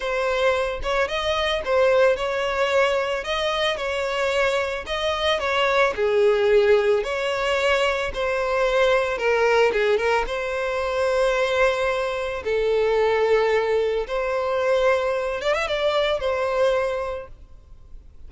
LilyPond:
\new Staff \with { instrumentName = "violin" } { \time 4/4 \tempo 4 = 111 c''4. cis''8 dis''4 c''4 | cis''2 dis''4 cis''4~ | cis''4 dis''4 cis''4 gis'4~ | gis'4 cis''2 c''4~ |
c''4 ais'4 gis'8 ais'8 c''4~ | c''2. a'4~ | a'2 c''2~ | c''8 d''16 e''16 d''4 c''2 | }